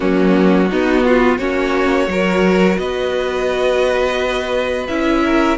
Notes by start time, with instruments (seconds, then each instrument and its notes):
0.00 cello F#3, viola A#3, violin C#4 F#4
0.69 cello B3, viola B3, violin D#4
1.04 violin F4
1.37 cello A#3, viola C#4, violin F#4 C#5
2.07 cello F#3, viola F#4, violin A#4
2.77 cello B3, violin B4 D#5
4.87 cello C#4, viola E4, violin E5
5.24 violin A#4